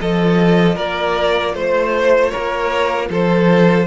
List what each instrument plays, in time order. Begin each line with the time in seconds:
0.00 cello F3, viola F4, violin A4 D#5
0.76 cello A#3, violin A#4 D5
1.54 cello A3, violin C5
1.61 violin C5
2.30 violin A#4 C#5
2.37 cello A#3
3.10 cello F3, violin A4 C5